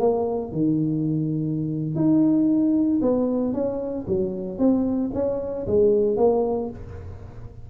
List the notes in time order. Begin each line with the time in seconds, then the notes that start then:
0.00 A#3
0.52 D#3
1.95 D#4
3.02 B3
3.54 C#4
4.07 F#3
4.59 C4
5.14 C#4
5.67 G#3
6.17 A#3